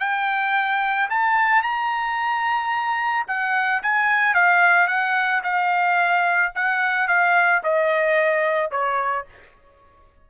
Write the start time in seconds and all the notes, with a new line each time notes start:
0.00 G5
1.10 A5
1.63 A#5
3.28 F#5
3.83 G#5
4.35 F5
4.87 F#5
5.44 F5
6.55 F#5
7.08 F5
7.63 D#5
8.71 C#5